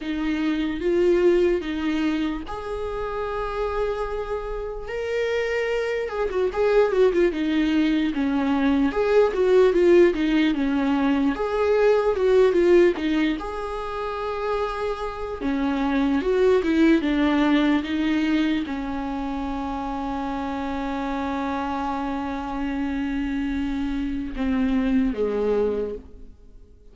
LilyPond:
\new Staff \with { instrumentName = "viola" } { \time 4/4 \tempo 4 = 74 dis'4 f'4 dis'4 gis'4~ | gis'2 ais'4. gis'16 fis'16 | gis'8 fis'16 f'16 dis'4 cis'4 gis'8 fis'8 | f'8 dis'8 cis'4 gis'4 fis'8 f'8 |
dis'8 gis'2~ gis'8 cis'4 | fis'8 e'8 d'4 dis'4 cis'4~ | cis'1~ | cis'2 c'4 gis4 | }